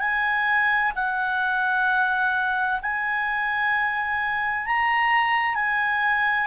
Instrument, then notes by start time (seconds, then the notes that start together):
clarinet
0.00 G#5
0.96 F#5
2.82 G#5
4.66 A#5
5.56 G#5